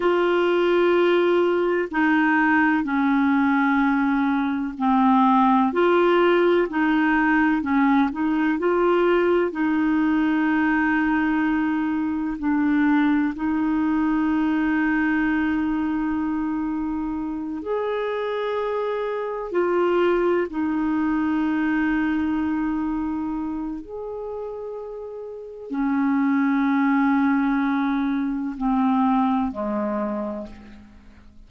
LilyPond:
\new Staff \with { instrumentName = "clarinet" } { \time 4/4 \tempo 4 = 63 f'2 dis'4 cis'4~ | cis'4 c'4 f'4 dis'4 | cis'8 dis'8 f'4 dis'2~ | dis'4 d'4 dis'2~ |
dis'2~ dis'8 gis'4.~ | gis'8 f'4 dis'2~ dis'8~ | dis'4 gis'2 cis'4~ | cis'2 c'4 gis4 | }